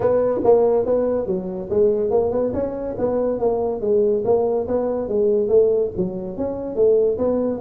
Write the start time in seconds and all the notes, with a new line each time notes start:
0.00 B3
0.44 A#3
0.85 B3
1.26 F#3
1.70 G#3
2.10 A#3
2.31 B3
2.53 C#4
2.98 B3
3.39 A#3
3.80 G#3
4.25 A#3
4.67 B3
5.08 G#3
5.48 A3
5.96 F#3
6.37 C#4
6.75 A3
7.18 B3